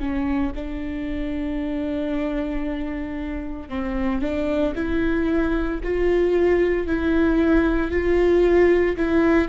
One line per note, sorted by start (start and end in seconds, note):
0.00 0.53 C#4
0.56 3.69 D4
3.69 4.22 C4
4.22 4.74 D4
4.76 5.81 E4
5.84 6.87 F4
6.87 7.91 E4
7.91 8.97 F4
8.97 9.49 E4